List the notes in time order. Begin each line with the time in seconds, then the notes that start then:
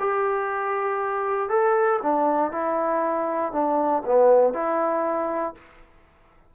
0.00 G4
1.49 A4
2.03 D4
2.52 E4
3.53 D4
4.06 B3
4.54 E4